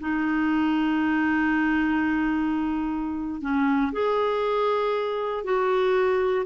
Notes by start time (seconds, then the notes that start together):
0.00 D#4
3.41 C#4
3.93 G#4
5.44 F#4